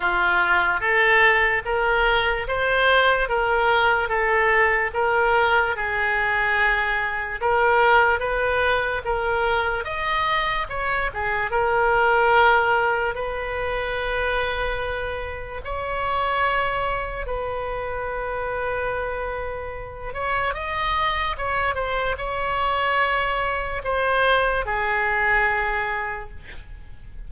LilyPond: \new Staff \with { instrumentName = "oboe" } { \time 4/4 \tempo 4 = 73 f'4 a'4 ais'4 c''4 | ais'4 a'4 ais'4 gis'4~ | gis'4 ais'4 b'4 ais'4 | dis''4 cis''8 gis'8 ais'2 |
b'2. cis''4~ | cis''4 b'2.~ | b'8 cis''8 dis''4 cis''8 c''8 cis''4~ | cis''4 c''4 gis'2 | }